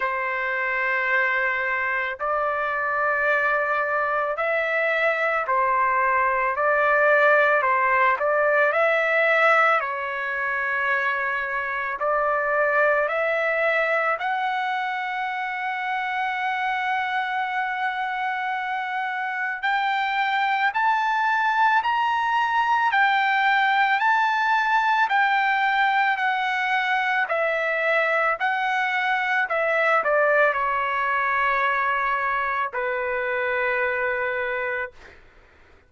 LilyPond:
\new Staff \with { instrumentName = "trumpet" } { \time 4/4 \tempo 4 = 55 c''2 d''2 | e''4 c''4 d''4 c''8 d''8 | e''4 cis''2 d''4 | e''4 fis''2.~ |
fis''2 g''4 a''4 | ais''4 g''4 a''4 g''4 | fis''4 e''4 fis''4 e''8 d''8 | cis''2 b'2 | }